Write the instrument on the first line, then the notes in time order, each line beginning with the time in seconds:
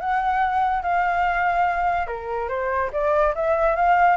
flute
0.00 F#5
0.82 F5
2.07 A#4
2.48 C5
2.92 D5
3.35 E5
3.75 F5